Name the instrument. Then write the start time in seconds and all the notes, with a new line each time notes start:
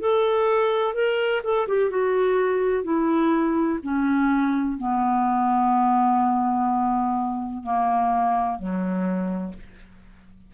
clarinet
0.00 A4
0.94 A#4
1.43 A4
1.68 G4
1.90 F#4
2.84 E4
3.83 C#4
4.77 B3
7.63 A#3
8.58 F#3